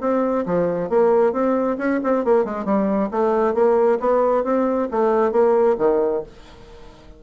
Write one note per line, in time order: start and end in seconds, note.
0.00 0.44 C4
0.45 0.89 F3
0.89 1.32 A#3
1.32 1.77 C4
1.78 2.00 C#4
2.03 2.24 C4
2.24 2.44 A#3
2.44 2.65 G#3
2.65 3.09 G3
3.11 3.54 A3
3.54 3.98 A#3
4.00 4.43 B3
4.43 4.88 C4
4.91 5.31 A3
5.31 5.76 A#3
5.78 6.22 D#3